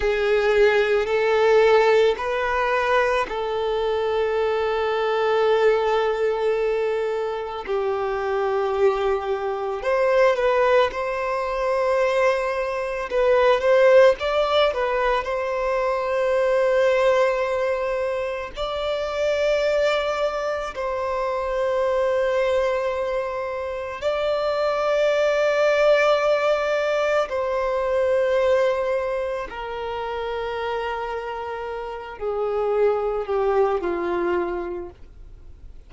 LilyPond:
\new Staff \with { instrumentName = "violin" } { \time 4/4 \tempo 4 = 55 gis'4 a'4 b'4 a'4~ | a'2. g'4~ | g'4 c''8 b'8 c''2 | b'8 c''8 d''8 b'8 c''2~ |
c''4 d''2 c''4~ | c''2 d''2~ | d''4 c''2 ais'4~ | ais'4. gis'4 g'8 f'4 | }